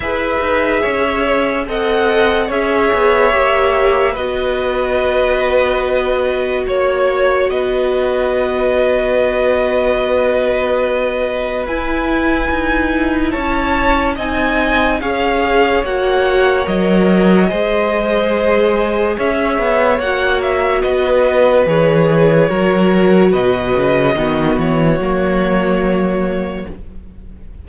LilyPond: <<
  \new Staff \with { instrumentName = "violin" } { \time 4/4 \tempo 4 = 72 e''2 fis''4 e''4~ | e''4 dis''2. | cis''4 dis''2.~ | dis''2 gis''2 |
a''4 gis''4 f''4 fis''4 | dis''2. e''4 | fis''8 e''8 dis''4 cis''2 | dis''4. cis''2~ cis''8 | }
  \new Staff \with { instrumentName = "violin" } { \time 4/4 b'4 cis''4 dis''4 cis''4~ | cis''4 b'2. | cis''4 b'2.~ | b'1 |
cis''4 dis''4 cis''2~ | cis''4 c''2 cis''4~ | cis''4 b'2 ais'4 | b'4 fis'2. | }
  \new Staff \with { instrumentName = "viola" } { \time 4/4 gis'2 a'4 gis'4 | g'4 fis'2.~ | fis'1~ | fis'2 e'2~ |
e'4 dis'4 gis'4 fis'4 | ais'4 gis'2. | fis'2 gis'4 fis'4~ | fis'4 b4 ais2 | }
  \new Staff \with { instrumentName = "cello" } { \time 4/4 e'8 dis'8 cis'4 c'4 cis'8 b8 | ais4 b2. | ais4 b2.~ | b2 e'4 dis'4 |
cis'4 c'4 cis'4 ais4 | fis4 gis2 cis'8 b8 | ais4 b4 e4 fis4 | b,8 cis8 dis8 e8 fis2 | }
>>